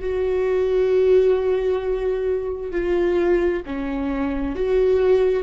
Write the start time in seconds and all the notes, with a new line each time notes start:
0.00 F#4
2.71 F4
3.65 C#4
4.55 F#4